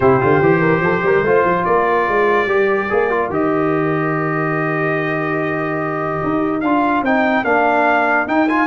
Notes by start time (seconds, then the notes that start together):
0.00 C3 E4 G4 C5
0.20 D3 F4
0.41 E3 G4
0.59 A#4
0.80 F3 A4
1.02 G3 A#4
1.22 A3 F4 C5
1.44 F3
1.64 A#3 A#4 D5
2.07 G#3
2.46 G3 G4
2.89 A#3 G#4
3.10 F4
3.29 D#3 G4 D#5
6.23 D#4
6.61 D4 F4 F5
7.02 C4 D#4 G5
7.44 A#3 D4 F5
8.26 D#4 G5
8.48 F4 G#5